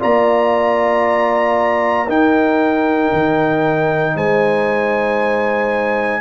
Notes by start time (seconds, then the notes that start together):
0.00 A#3 F4 D5 A#5
2.06 D#4 A#4 G5
3.13 D#3
4.15 G#3 C5 G#5